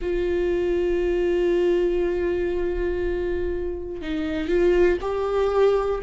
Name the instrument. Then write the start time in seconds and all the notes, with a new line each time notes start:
viola
0.01 F4
4.01 D#4
4.48 F4
5.00 G4